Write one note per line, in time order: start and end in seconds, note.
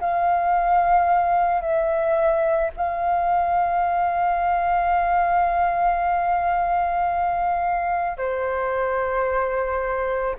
0.00 1.61 F5
1.61 2.70 E5
2.76 8.17 F5
8.17 10.35 C5